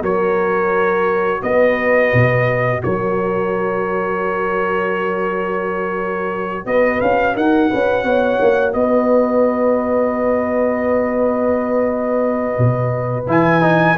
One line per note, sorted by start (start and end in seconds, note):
0.00 1.41 F#3
0.00 13.26 F#4
0.00 1.40 A#4
0.00 1.42 C#5
1.42 2.12 B3
1.42 2.83 B4
1.42 2.82 D#5
2.13 2.83 B2
2.82 6.65 F#3
2.82 6.67 A#4
2.82 6.66 C#5
6.65 7.00 B3
6.65 7.35 B4
6.65 7.01 D#5
7.01 7.35 C#4
7.01 7.36 F5
7.35 7.70 D#4
7.35 7.70 A#4
7.35 8.73 F#5
7.70 8.03 C#4
7.70 8.04 B4
8.03 8.38 B3
8.03 8.74 C#5
8.41 8.74 A#3
8.73 12.57 B3
8.73 13.97 B4
8.73 13.26 D#5
12.58 13.26 B2
13.26 13.96 E3
13.26 13.61 E4
13.26 13.97 G#5
13.61 13.96 D#4